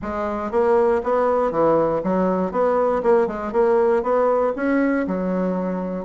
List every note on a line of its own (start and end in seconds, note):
0.01 0.51 G#3
0.51 1.01 A#3
1.03 1.51 B3
1.51 2.01 E3
2.03 2.51 F#3
2.51 3.01 B3
3.02 3.27 A#3
3.27 3.52 G#3
3.52 4.02 A#3
4.02 4.53 B3
4.55 5.06 C#4
5.07 6.05 F#3